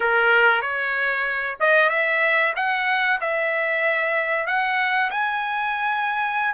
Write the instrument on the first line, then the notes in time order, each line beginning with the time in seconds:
trumpet
0.00 A#4
0.61 C#5
1.60 D#5
1.89 E5
2.56 F#5
3.20 E5
4.46 F#5
5.10 G#5